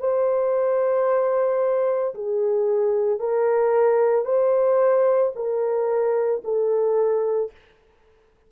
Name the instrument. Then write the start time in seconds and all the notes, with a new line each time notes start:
horn
0.00 C5
2.14 G#4
3.19 A#4
4.25 C5
5.35 A#4
6.44 A4